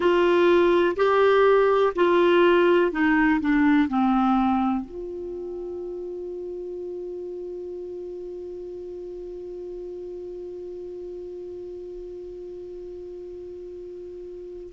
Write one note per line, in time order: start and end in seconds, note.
0.00 0.95 F4
0.96 1.93 G4
1.95 2.91 F4
2.91 3.40 D#4
3.40 3.88 D4
3.88 4.85 C4
4.85 14.72 F4